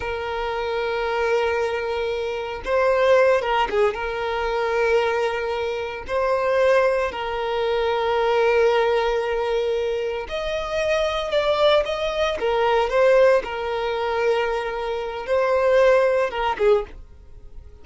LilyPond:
\new Staff \with { instrumentName = "violin" } { \time 4/4 \tempo 4 = 114 ais'1~ | ais'4 c''4. ais'8 gis'8 ais'8~ | ais'2.~ ais'8 c''8~ | c''4. ais'2~ ais'8~ |
ais'2.~ ais'8 dis''8~ | dis''4. d''4 dis''4 ais'8~ | ais'8 c''4 ais'2~ ais'8~ | ais'4 c''2 ais'8 gis'8 | }